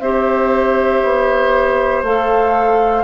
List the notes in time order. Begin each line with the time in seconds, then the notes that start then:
0.00 C4 G4 C5 E5
1.03 B3
2.02 A3 A4 F5